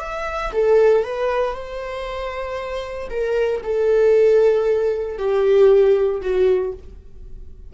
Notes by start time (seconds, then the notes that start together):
0.00 E5
0.53 A4
1.04 B4
1.53 C5
3.10 A#4
3.63 A4
5.18 G4
6.21 F#4